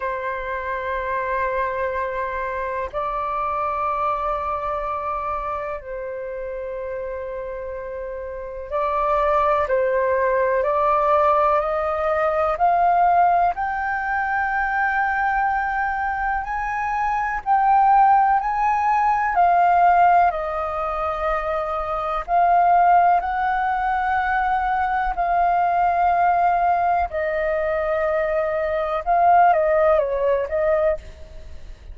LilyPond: \new Staff \with { instrumentName = "flute" } { \time 4/4 \tempo 4 = 62 c''2. d''4~ | d''2 c''2~ | c''4 d''4 c''4 d''4 | dis''4 f''4 g''2~ |
g''4 gis''4 g''4 gis''4 | f''4 dis''2 f''4 | fis''2 f''2 | dis''2 f''8 dis''8 cis''8 dis''8 | }